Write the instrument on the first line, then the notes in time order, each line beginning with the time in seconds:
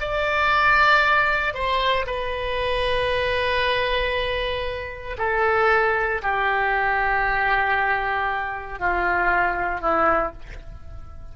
oboe
0.00 D5
1.54 C5
2.06 B4
5.18 A4
6.22 G4
8.79 F4
9.80 E4